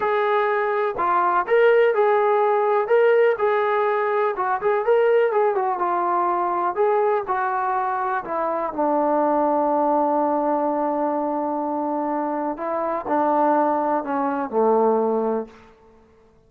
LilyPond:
\new Staff \with { instrumentName = "trombone" } { \time 4/4 \tempo 4 = 124 gis'2 f'4 ais'4 | gis'2 ais'4 gis'4~ | gis'4 fis'8 gis'8 ais'4 gis'8 fis'8 | f'2 gis'4 fis'4~ |
fis'4 e'4 d'2~ | d'1~ | d'2 e'4 d'4~ | d'4 cis'4 a2 | }